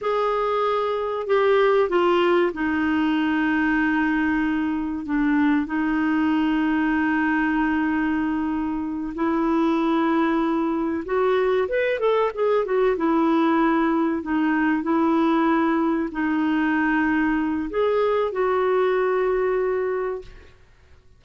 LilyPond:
\new Staff \with { instrumentName = "clarinet" } { \time 4/4 \tempo 4 = 95 gis'2 g'4 f'4 | dis'1 | d'4 dis'2.~ | dis'2~ dis'8 e'4.~ |
e'4. fis'4 b'8 a'8 gis'8 | fis'8 e'2 dis'4 e'8~ | e'4. dis'2~ dis'8 | gis'4 fis'2. | }